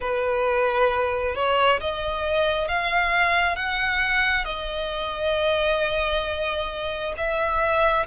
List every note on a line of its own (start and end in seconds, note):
0.00 1.35 B4
1.35 1.80 C#5
1.80 2.68 D#5
2.68 3.56 F5
3.56 4.45 F#5
4.45 7.13 D#5
7.16 8.06 E5